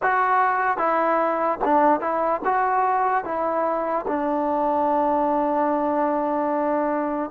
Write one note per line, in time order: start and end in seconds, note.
0.02 0.77 F#4
0.77 1.58 E4
1.64 2.00 D4
2.00 2.41 E4
2.44 3.24 F#4
3.24 4.05 E4
4.07 7.30 D4